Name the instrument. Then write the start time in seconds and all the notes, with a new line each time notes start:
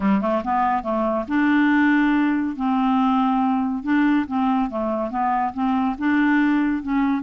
clarinet
0.00 G3
0.21 A3
0.44 B3
0.82 A3
1.28 D4
2.56 C4
3.83 D4
4.27 C4
4.70 A3
5.10 B3
5.53 C4
5.98 D4
6.82 C#4